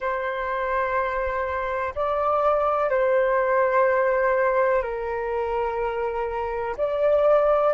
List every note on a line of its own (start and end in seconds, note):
0.00 1.94 C5
1.95 2.89 D5
2.89 4.82 C5
4.82 6.76 A#4
6.77 7.74 D5